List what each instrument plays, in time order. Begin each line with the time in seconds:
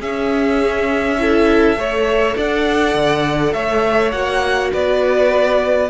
0.00 cello C#4, viola C#4, violin G#4 E5
1.18 viola E4, violin A4
1.76 cello A3, viola A4, violin C#5
2.36 cello D4, violin D5 F#5
2.94 cello D3
3.53 cello A3, violin C#5 E5
4.11 cello A#3, viola F#4, violin F#5
4.73 cello B3, violin B4 D5